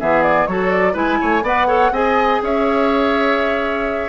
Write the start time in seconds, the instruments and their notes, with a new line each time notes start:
0.00 bassoon E3, clarinet B3, oboe G#4, flute E5
0.23 flute D5
0.47 bassoon F#3, clarinet F#4, oboe A4, flute C#5
0.71 flute D5
0.93 bassoon G#3, clarinet E4, oboe B4, flute G#5
1.21 bassoon A3, oboe C#5
1.43 bassoon B3, clarinet B4, oboe D5, flute F#5
1.67 clarinet A4, oboe C#5
1.92 bassoon C4, clarinet G#4, oboe D#5, flute G#5
2.42 bassoon C#4, oboe C#5, flute E5